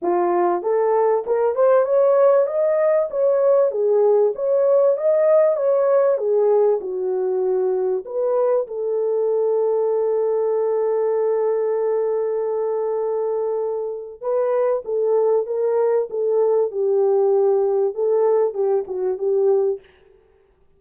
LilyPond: \new Staff \with { instrumentName = "horn" } { \time 4/4 \tempo 4 = 97 f'4 a'4 ais'8 c''8 cis''4 | dis''4 cis''4 gis'4 cis''4 | dis''4 cis''4 gis'4 fis'4~ | fis'4 b'4 a'2~ |
a'1~ | a'2. b'4 | a'4 ais'4 a'4 g'4~ | g'4 a'4 g'8 fis'8 g'4 | }